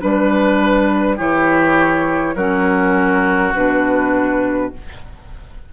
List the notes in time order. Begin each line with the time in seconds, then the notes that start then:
0.00 G3 D4 B4
1.17 E3 E4 G4 C#5
2.35 F#3 C#4 F#4 A#4
3.55 B2 D4 B4